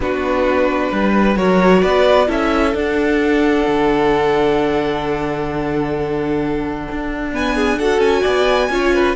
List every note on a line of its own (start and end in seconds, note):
0.00 0.90 B3
0.00 1.37 D4
0.00 0.91 F#4
0.00 1.36 B4
0.91 1.36 G3
0.91 1.37 B4
1.36 1.82 F#3
1.36 2.27 F#4
1.36 1.81 A#4
1.36 1.82 C#5
1.81 2.28 B3
1.81 2.27 B4
1.81 2.28 D5
2.27 2.74 C#4
2.27 2.73 E4
2.27 7.31 A4
2.27 2.76 E5
2.73 7.31 D4
2.73 3.66 D4
2.73 7.34 F#5
3.67 6.87 D3
6.91 7.98 D4
7.31 7.77 B3
7.31 7.55 B4
7.31 7.78 G#5
7.55 7.78 G#4
7.78 8.70 F#4
7.78 8.21 A4
7.78 8.00 F#5
7.98 8.21 C#4
7.98 9.15 G#5
8.21 8.69 B3
8.21 8.67 D5
8.69 9.15 C#4
8.69 9.16 F4
8.69 8.94 C#5
8.94 9.16 B4